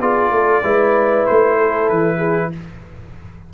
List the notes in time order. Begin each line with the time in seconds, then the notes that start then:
0.00 B3 F4 G#4 D5
0.31 A3 A4
0.63 G#3 E4 B4
1.26 A3 C5
1.58 A4
1.89 E3 B4
2.17 G#4